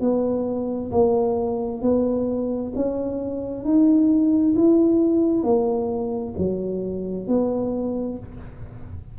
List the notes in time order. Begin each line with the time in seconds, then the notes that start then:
0.00 B3
0.91 A#3
1.81 B3
2.75 C#4
3.64 D#4
4.55 E4
5.43 A#3
6.38 F#3
7.27 B3